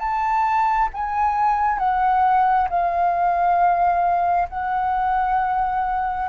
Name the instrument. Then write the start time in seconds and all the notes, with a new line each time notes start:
flute
0.00 A5
0.94 G#5
1.79 F#5
2.69 F5
4.49 F#5